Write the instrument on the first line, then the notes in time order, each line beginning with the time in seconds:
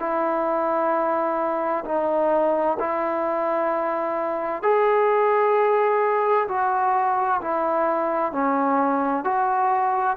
trombone
0.00 E4
1.85 D#4
2.80 E4
4.63 G#4
6.49 F#4
7.42 E4
8.33 C#4
9.25 F#4